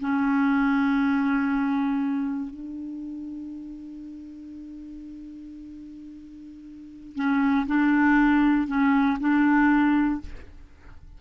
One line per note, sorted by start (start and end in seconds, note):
0.00 2.50 C#4
2.50 7.16 D4
7.16 7.66 C#4
7.67 8.67 D4
8.67 9.18 C#4
9.20 10.21 D4